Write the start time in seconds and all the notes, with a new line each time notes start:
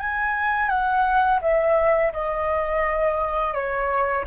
0.00 G#5
0.69 F#5
1.42 E5
2.13 D#5
3.55 C#5